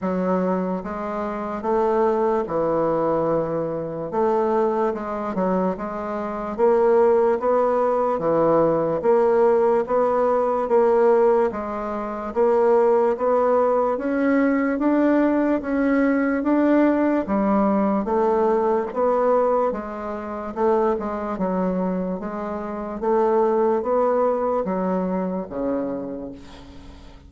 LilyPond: \new Staff \with { instrumentName = "bassoon" } { \time 4/4 \tempo 4 = 73 fis4 gis4 a4 e4~ | e4 a4 gis8 fis8 gis4 | ais4 b4 e4 ais4 | b4 ais4 gis4 ais4 |
b4 cis'4 d'4 cis'4 | d'4 g4 a4 b4 | gis4 a8 gis8 fis4 gis4 | a4 b4 fis4 cis4 | }